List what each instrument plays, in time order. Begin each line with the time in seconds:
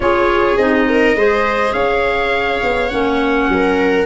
0.00 tuba C#4, clarinet F4, viola G#4, trumpet C#5
0.56 tuba C4, clarinet D#4, trumpet D#5
0.89 viola A#4
1.15 tuba G#3, clarinet G#4, viola C5
1.73 tuba C#4, viola C#5, trumpet F5
2.63 tuba B3
2.89 tuba A#3, clarinet C#4, trumpet F#5
3.48 tuba F#3, viola A#4